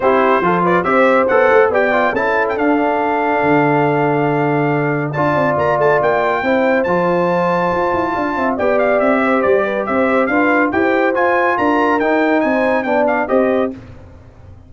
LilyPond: <<
  \new Staff \with { instrumentName = "trumpet" } { \time 4/4 \tempo 4 = 140 c''4. d''8 e''4 fis''4 | g''4 a''8. g''16 f''2~ | f''1 | a''4 ais''8 a''8 g''2 |
a''1 | g''8 f''8 e''4 d''4 e''4 | f''4 g''4 gis''4 ais''4 | g''4 gis''4 g''8 f''8 dis''4 | }
  \new Staff \with { instrumentName = "horn" } { \time 4/4 g'4 a'8 b'8 c''2 | d''4 a'2.~ | a'1 | d''2. c''4~ |
c''2. f''8 e''8 | d''4. c''4 b'8 c''4 | b'4 c''2 ais'4~ | ais'4 c''4 d''4 c''4 | }
  \new Staff \with { instrumentName = "trombone" } { \time 4/4 e'4 f'4 g'4 a'4 | g'8 f'8 e'4 d'2~ | d'1 | f'2. e'4 |
f'1 | g'1 | f'4 g'4 f'2 | dis'2 d'4 g'4 | }
  \new Staff \with { instrumentName = "tuba" } { \time 4/4 c'4 f4 c'4 b8 a8 | b4 cis'4 d'2 | d1 | d'8 c'8 ais8 a8 ais4 c'4 |
f2 f'8 e'8 d'8 c'8 | b4 c'4 g4 c'4 | d'4 e'4 f'4 d'4 | dis'4 c'4 b4 c'4 | }
>>